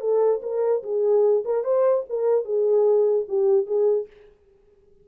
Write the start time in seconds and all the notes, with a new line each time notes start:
0.00 A4
0.42 A#4
0.83 G#4
1.44 A#4
1.63 C5
2.09 A#4
2.44 G#4
3.28 G4
3.66 G#4